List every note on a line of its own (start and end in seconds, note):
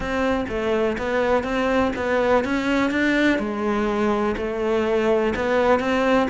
0.00 0.45 C4
0.48 0.97 A3
0.98 1.43 B3
1.43 1.92 C4
1.96 2.44 B3
2.44 2.90 C#4
2.90 3.38 D4
3.38 4.35 G#3
4.37 5.34 A3
5.35 5.79 B3
5.79 6.28 C4